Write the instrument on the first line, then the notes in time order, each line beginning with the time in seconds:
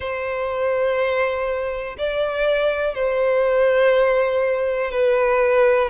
violin
0.00 C5
1.98 D5
2.95 C5
4.91 B4